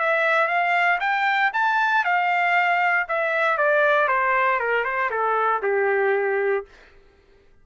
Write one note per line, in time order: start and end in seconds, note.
0.00 0.48 E5
0.48 0.99 F5
1.00 1.52 G5
1.53 2.04 A5
2.04 3.07 F5
3.09 3.58 E5
3.58 4.08 D5
4.08 4.60 C5
4.60 4.85 A#4
4.85 5.10 C5
5.10 5.62 A4
5.63 6.65 G4